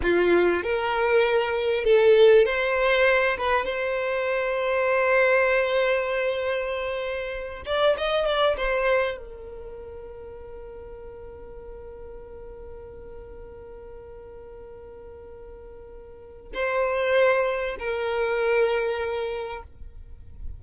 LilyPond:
\new Staff \with { instrumentName = "violin" } { \time 4/4 \tempo 4 = 98 f'4 ais'2 a'4 | c''4. b'8 c''2~ | c''1~ | c''8 d''8 dis''8 d''8 c''4 ais'4~ |
ais'1~ | ais'1~ | ais'2. c''4~ | c''4 ais'2. | }